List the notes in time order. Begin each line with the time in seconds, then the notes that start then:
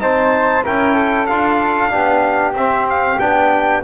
0.00 C4 D#4 C5 A5
0.64 C#4 E4 A#4 G5
0.95 A4
1.27 D4 F4 F5
1.90 B3 D4 G4
2.54 C4 E5
2.90 F5
3.20 B3 D4 G5